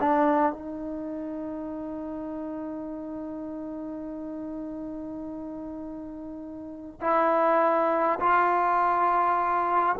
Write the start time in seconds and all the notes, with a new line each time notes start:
0.00 D4
0.52 D#4
7.01 E4
8.19 F4